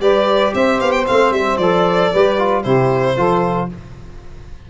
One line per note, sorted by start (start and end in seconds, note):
0.00 0.53 G3
0.00 1.05 G4
0.00 0.54 B4
0.00 0.54 D5
0.54 0.81 C4
0.54 2.11 C5
0.54 0.80 E5
0.80 1.07 B3
0.80 0.92 F5
0.92 1.05 G5
1.07 1.31 A3
1.07 1.61 C4
1.07 1.33 F5
1.31 1.57 G3
1.31 1.57 E5
1.57 2.10 F3
1.57 2.14 A4
1.57 2.63 D5
2.11 2.65 G3
2.11 2.38 G4
2.11 2.63 B4
2.38 2.64 F4
2.63 3.18 C3
2.63 3.16 E4
2.63 3.15 G4
2.63 3.68 C5
3.16 3.70 F3
3.16 3.69 F4
3.16 3.69 A4